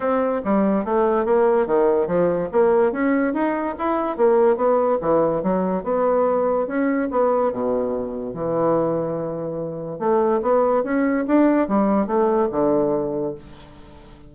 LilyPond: \new Staff \with { instrumentName = "bassoon" } { \time 4/4 \tempo 4 = 144 c'4 g4 a4 ais4 | dis4 f4 ais4 cis'4 | dis'4 e'4 ais4 b4 | e4 fis4 b2 |
cis'4 b4 b,2 | e1 | a4 b4 cis'4 d'4 | g4 a4 d2 | }